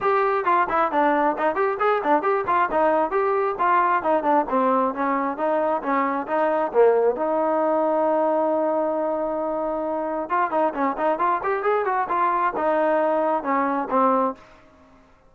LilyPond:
\new Staff \with { instrumentName = "trombone" } { \time 4/4 \tempo 4 = 134 g'4 f'8 e'8 d'4 dis'8 g'8 | gis'8 d'8 g'8 f'8 dis'4 g'4 | f'4 dis'8 d'8 c'4 cis'4 | dis'4 cis'4 dis'4 ais4 |
dis'1~ | dis'2. f'8 dis'8 | cis'8 dis'8 f'8 g'8 gis'8 fis'8 f'4 | dis'2 cis'4 c'4 | }